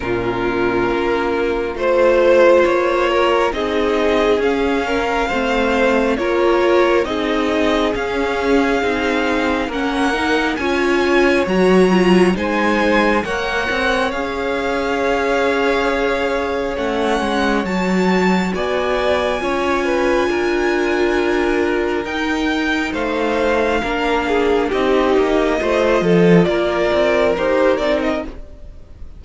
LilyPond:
<<
  \new Staff \with { instrumentName = "violin" } { \time 4/4 \tempo 4 = 68 ais'2 c''4 cis''4 | dis''4 f''2 cis''4 | dis''4 f''2 fis''4 | gis''4 ais''4 gis''4 fis''4 |
f''2. fis''4 | a''4 gis''2.~ | gis''4 g''4 f''2 | dis''2 d''4 c''8 d''16 dis''16 | }
  \new Staff \with { instrumentName = "violin" } { \time 4/4 f'2 c''4. ais'8 | gis'4. ais'8 c''4 ais'4 | gis'2. ais'4 | cis''2 c''4 cis''4~ |
cis''1~ | cis''4 d''4 cis''8 b'8 ais'4~ | ais'2 c''4 ais'8 gis'8 | g'4 c''8 a'8 ais'2 | }
  \new Staff \with { instrumentName = "viola" } { \time 4/4 cis'2 f'2 | dis'4 cis'4 c'4 f'4 | dis'4 cis'4 dis'4 cis'8 dis'8 | f'4 fis'8 f'8 dis'4 ais'4 |
gis'2. cis'4 | fis'2 f'2~ | f'4 dis'2 d'4 | dis'4 f'2 g'8 dis'8 | }
  \new Staff \with { instrumentName = "cello" } { \time 4/4 ais,4 ais4 a4 ais4 | c'4 cis'4 a4 ais4 | c'4 cis'4 c'4 ais4 | cis'4 fis4 gis4 ais8 c'8 |
cis'2. a8 gis8 | fis4 b4 cis'4 d'4~ | d'4 dis'4 a4 ais4 | c'8 ais8 a8 f8 ais8 c'8 dis'8 c'8 | }
>>